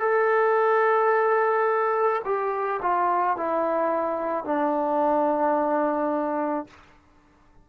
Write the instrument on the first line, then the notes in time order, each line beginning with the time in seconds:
trombone
0.00 A4
2.25 G4
2.82 F4
3.37 E4
4.45 D4